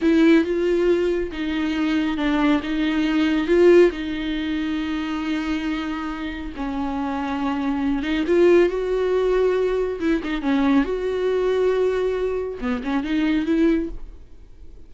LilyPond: \new Staff \with { instrumentName = "viola" } { \time 4/4 \tempo 4 = 138 e'4 f'2 dis'4~ | dis'4 d'4 dis'2 | f'4 dis'2.~ | dis'2. cis'4~ |
cis'2~ cis'8 dis'8 f'4 | fis'2. e'8 dis'8 | cis'4 fis'2.~ | fis'4 b8 cis'8 dis'4 e'4 | }